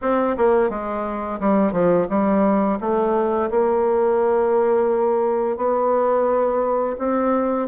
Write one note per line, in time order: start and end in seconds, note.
0.01 0.36 C4
0.37 0.69 A#3
0.69 1.39 G#3
1.40 1.72 G3
1.72 2.07 F3
2.09 2.78 G3
2.80 3.50 A3
3.50 5.57 A#3
5.57 6.96 B3
6.98 7.67 C4